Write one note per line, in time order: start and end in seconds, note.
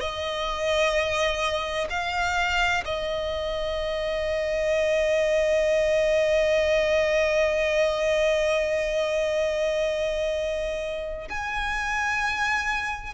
0.00 1.87 D#5
1.90 2.83 F5
2.85 11.28 D#5
11.29 13.14 G#5